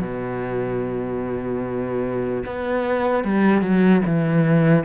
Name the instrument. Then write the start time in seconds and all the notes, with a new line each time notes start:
cello
0.00 B2
2.45 B3
3.24 G3
3.61 F#3
4.05 E3